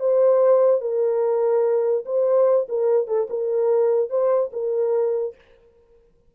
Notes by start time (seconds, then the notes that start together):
0.00 C5
0.81 A#4
2.05 C5
2.68 A#4
3.07 A4
3.30 A#4
4.10 C5
4.53 A#4